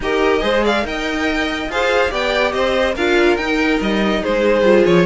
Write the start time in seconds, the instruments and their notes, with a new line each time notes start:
0.00 cello D#4, viola G4, violin A#4 D#5
0.39 cello G#3, viola G#4, violin C5
0.63 violin D5 F5
0.82 cello D#4, viola A#4, violin D#5 G5
1.68 cello F4, viola G#4, violin C5 F5
2.10 cello B3, viola G4, violin D5 G5
2.52 cello C4, violin C5 D#5
2.95 cello D4, viola F4, violin A#4 F5
3.37 cello D#4, viola D#4, violin G5
3.80 cello G3, violin D#5
4.22 cello G#3, violin G#4 C5
4.61 cello G3, viola F4
4.85 cello F3, violin C#5